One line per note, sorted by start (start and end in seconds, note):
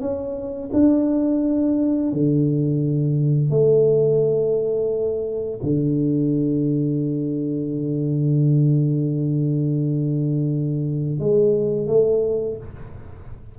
0.00 0.70 C#4
0.73 2.12 D4
2.12 3.50 D3
3.50 5.59 A3
5.62 11.19 D3
11.19 11.87 G#3
11.87 12.57 A3